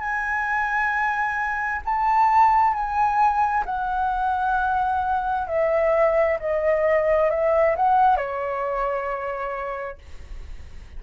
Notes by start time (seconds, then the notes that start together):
0.00 G#5
1.86 A5
2.74 G#5
3.66 F#5
5.48 E5
6.40 D#5
7.31 E5
7.77 F#5
8.17 C#5